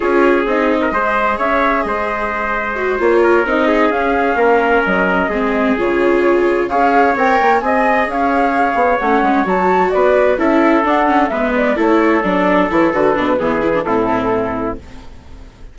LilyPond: <<
  \new Staff \with { instrumentName = "flute" } { \time 4/4 \tempo 4 = 130 cis''4 dis''2 e''4 | dis''2~ dis''8 cis''4 dis''8~ | dis''8 f''2 dis''4.~ | dis''8 cis''2 f''4 g''8~ |
g''8 gis''4 f''2 fis''8~ | fis''8 a''4 d''4 e''4 fis''8~ | fis''8 e''8 d''8 cis''4 d''4 cis''8 | b'2 a'2 | }
  \new Staff \with { instrumentName = "trumpet" } { \time 4/4 gis'4.~ gis'16 ais'16 c''4 cis''4 | c''2. ais'4 | gis'4. ais'2 gis'8~ | gis'2~ gis'8 cis''4.~ |
cis''8 dis''4 cis''2~ cis''8~ | cis''4. b'4 a'4.~ | a'8 b'4 a'2~ a'8~ | a'4 gis'4 e'2 | }
  \new Staff \with { instrumentName = "viola" } { \time 4/4 f'4 dis'4 gis'2~ | gis'2 fis'8 f'4 dis'8~ | dis'8 cis'2. c'8~ | c'8 f'2 gis'4 ais'8~ |
ais'8 gis'2. cis'8~ | cis'8 fis'2 e'4 d'8 | cis'8 b4 e'4 d'4 e'8 | fis'8 d'8 b8 e'16 d'16 c'2 | }
  \new Staff \with { instrumentName = "bassoon" } { \time 4/4 cis'4 c'4 gis4 cis'4 | gis2~ gis8 ais4 c'8~ | c'8 cis'4 ais4 fis4 gis8~ | gis8 cis2 cis'4 c'8 |
ais8 c'4 cis'4. b8 a8 | gis8 fis4 b4 cis'4 d'8~ | d'8 gis4 a4 fis4 e8 | d8 b,8 e4 a,2 | }
>>